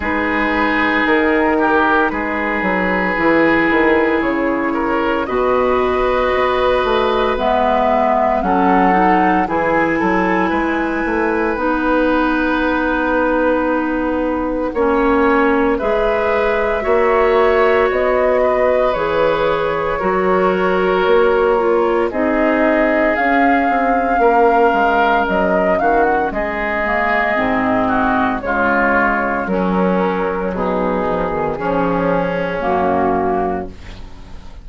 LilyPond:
<<
  \new Staff \with { instrumentName = "flute" } { \time 4/4 \tempo 4 = 57 b'4 ais'4 b'2 | cis''4 dis''2 e''4 | fis''4 gis''2 fis''4~ | fis''2. e''4~ |
e''4 dis''4 cis''2~ | cis''4 dis''4 f''2 | dis''8 f''16 fis''16 dis''2 cis''4 | ais'4 gis'2 fis'4 | }
  \new Staff \with { instrumentName = "oboe" } { \time 4/4 gis'4. g'8 gis'2~ | gis'8 ais'8 b'2. | a'4 gis'8 a'8 b'2~ | b'2 cis''4 b'4 |
cis''4. b'4. ais'4~ | ais'4 gis'2 ais'4~ | ais'8 fis'8 gis'4. fis'8 f'4 | cis'4 dis'4 cis'2 | }
  \new Staff \with { instrumentName = "clarinet" } { \time 4/4 dis'2. e'4~ | e'4 fis'2 b4 | cis'8 dis'8 e'2 dis'4~ | dis'2 cis'4 gis'4 |
fis'2 gis'4 fis'4~ | fis'8 f'8 dis'4 cis'2~ | cis'4. ais8 c'4 gis4 | fis4. f16 dis16 f4 ais4 | }
  \new Staff \with { instrumentName = "bassoon" } { \time 4/4 gis4 dis4 gis8 fis8 e8 dis8 | cis4 b,4 b8 a8 gis4 | fis4 e8 fis8 gis8 a8 b4~ | b2 ais4 gis4 |
ais4 b4 e4 fis4 | ais4 c'4 cis'8 c'8 ais8 gis8 | fis8 dis8 gis4 gis,4 cis4 | fis4 b,4 cis4 fis,4 | }
>>